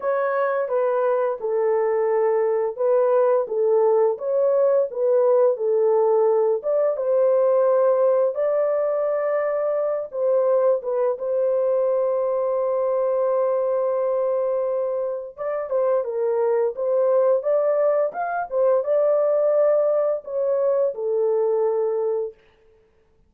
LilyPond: \new Staff \with { instrumentName = "horn" } { \time 4/4 \tempo 4 = 86 cis''4 b'4 a'2 | b'4 a'4 cis''4 b'4 | a'4. d''8 c''2 | d''2~ d''8 c''4 b'8 |
c''1~ | c''2 d''8 c''8 ais'4 | c''4 d''4 f''8 c''8 d''4~ | d''4 cis''4 a'2 | }